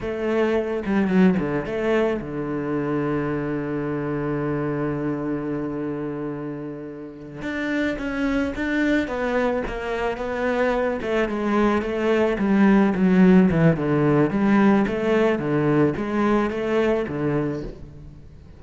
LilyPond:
\new Staff \with { instrumentName = "cello" } { \time 4/4 \tempo 4 = 109 a4. g8 fis8 d8 a4 | d1~ | d1~ | d4. d'4 cis'4 d'8~ |
d'8 b4 ais4 b4. | a8 gis4 a4 g4 fis8~ | fis8 e8 d4 g4 a4 | d4 gis4 a4 d4 | }